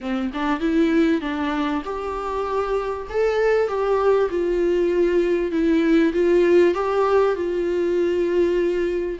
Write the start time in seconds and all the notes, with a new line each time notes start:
0.00 C4
0.33 D4
0.60 E4
1.21 D4
1.85 G4
3.09 A4
3.67 G4
4.30 F4
5.51 E4
6.13 F4
6.74 G4
7.35 F4